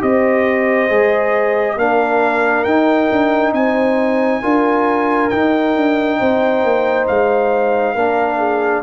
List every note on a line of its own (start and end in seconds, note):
0.00 0.90 C4
0.00 0.88 G4
0.00 1.77 C5
0.00 1.79 D#5
0.89 1.76 G#3
0.89 1.77 G#4
1.76 2.65 A#3
1.76 2.66 D4
1.76 3.54 A#4
1.76 2.64 F5
2.64 3.09 D#4
2.64 4.43 D#4
2.64 3.53 G5
3.12 3.53 D4
3.53 4.41 C4
3.53 4.43 C5
3.53 5.30 G#5
4.43 5.32 D4
4.43 5.31 F4
4.43 6.19 A#4
5.30 7.96 D#4
5.30 5.76 D#4
5.30 7.06 G5
5.76 6.20 D4
6.19 6.64 C4
6.19 7.95 C5
6.64 7.08 A#3
7.08 7.95 G#3
7.08 8.83 F5
7.95 8.83 A#3
7.95 8.83 D4
7.95 8.38 A#4
8.38 8.82 G#4